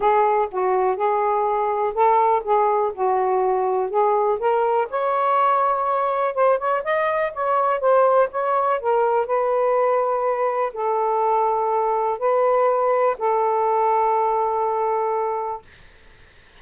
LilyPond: \new Staff \with { instrumentName = "saxophone" } { \time 4/4 \tempo 4 = 123 gis'4 fis'4 gis'2 | a'4 gis'4 fis'2 | gis'4 ais'4 cis''2~ | cis''4 c''8 cis''8 dis''4 cis''4 |
c''4 cis''4 ais'4 b'4~ | b'2 a'2~ | a'4 b'2 a'4~ | a'1 | }